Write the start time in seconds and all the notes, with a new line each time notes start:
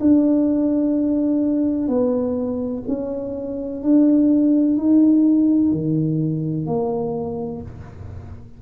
0.00 D4
1.88 B3
2.87 C#4
3.83 D4
4.77 D#4
5.71 D#3
6.66 A#3